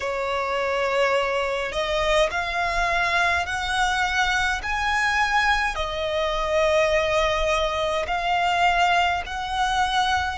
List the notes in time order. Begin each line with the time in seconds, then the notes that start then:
0.00 C#5
1.72 D#5
2.31 F5
3.46 F#5
4.62 G#5
5.75 D#5
8.07 F5
9.26 F#5